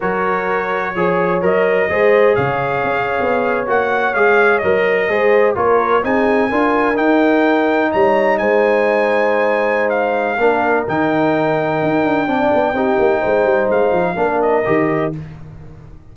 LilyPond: <<
  \new Staff \with { instrumentName = "trumpet" } { \time 4/4 \tempo 4 = 127 cis''2. dis''4~ | dis''4 f''2~ f''8. fis''16~ | fis''8. f''4 dis''2 cis''16~ | cis''8. gis''2 g''4~ g''16~ |
g''8. ais''4 gis''2~ gis''16~ | gis''4 f''2 g''4~ | g''1~ | g''4 f''4. dis''4. | }
  \new Staff \with { instrumentName = "horn" } { \time 4/4 ais'2 cis''2 | c''4 cis''2.~ | cis''2~ cis''8. c''4 ais'16~ | ais'8. gis'4 ais'2~ ais'16~ |
ais'8. cis''4 c''2~ c''16~ | c''2 ais'2~ | ais'2 d''4 g'4 | c''2 ais'2 | }
  \new Staff \with { instrumentName = "trombone" } { \time 4/4 fis'2 gis'4 ais'4 | gis'2.~ gis'8. fis'16~ | fis'8. gis'4 ais'4 gis'4 f'16~ | f'8. dis'4 f'4 dis'4~ dis'16~ |
dis'1~ | dis'2 d'4 dis'4~ | dis'2 d'4 dis'4~ | dis'2 d'4 g'4 | }
  \new Staff \with { instrumentName = "tuba" } { \time 4/4 fis2 f4 fis4 | gis4 cis4 cis'8. b4 ais16~ | ais8. gis4 fis4 gis4 ais16~ | ais8. c'4 d'4 dis'4~ dis'16~ |
dis'8. g4 gis2~ gis16~ | gis2 ais4 dis4~ | dis4 dis'8 d'8 c'8 b8 c'8 ais8 | gis8 g8 gis8 f8 ais4 dis4 | }
>>